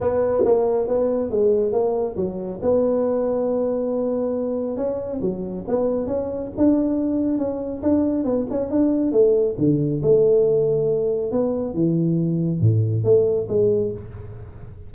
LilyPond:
\new Staff \with { instrumentName = "tuba" } { \time 4/4 \tempo 4 = 138 b4 ais4 b4 gis4 | ais4 fis4 b2~ | b2. cis'4 | fis4 b4 cis'4 d'4~ |
d'4 cis'4 d'4 b8 cis'8 | d'4 a4 d4 a4~ | a2 b4 e4~ | e4 a,4 a4 gis4 | }